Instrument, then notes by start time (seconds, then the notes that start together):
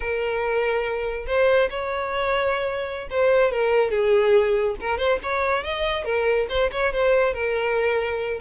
violin
0.00 A#4
1.26 C5
1.69 C#5
3.10 C5
3.51 A#4
3.90 G#4
4.80 A#4
4.97 C5
5.22 C#5
5.63 D#5
6.04 A#4
6.49 C5
6.71 C#5
6.92 C5
7.33 A#4